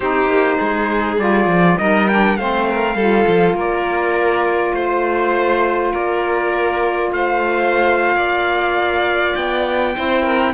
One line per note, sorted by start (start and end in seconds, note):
0.00 0.26 C4
0.00 1.19 D#4
0.00 0.58 G4
0.00 1.18 C5
0.26 0.56 A#3
0.58 1.18 G#3
0.58 1.76 G#4
1.18 1.46 G3
1.18 1.78 F4
1.18 1.78 D5
1.46 1.76 F3
1.78 2.37 G3
1.78 2.08 D#4
1.78 2.37 A#4
1.78 2.07 D#5
2.08 2.38 D4
2.08 2.36 G5
2.36 2.95 A3
2.36 2.97 C4
2.36 2.68 C5
2.36 3.55 F5
2.69 2.96 A#4
2.95 3.24 G3
2.95 9.94 F4
2.95 3.55 A4
3.27 3.53 F3
3.53 4.72 A#3
3.53 4.74 A#4
3.59 4.74 D5
4.74 5.92 A3
4.74 5.92 C5
4.74 5.91 C5
5.91 7.11 A#3
5.91 7.10 A#4
5.91 7.12 D5
7.11 8.15 A3
7.11 8.16 C5
7.11 9.35 F5
8.15 9.34 A#3
8.15 9.94 D5
9.35 9.95 B3
9.35 10.54 G5
9.94 10.54 C4
9.94 10.54 E4
9.94 10.22 C5
10.22 10.52 A#4